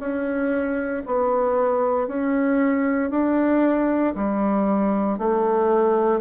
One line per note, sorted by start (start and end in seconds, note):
0.00 1.03 C#4
1.06 2.08 B3
2.08 3.11 C#4
3.11 4.14 D4
4.15 5.19 G3
5.19 6.21 A3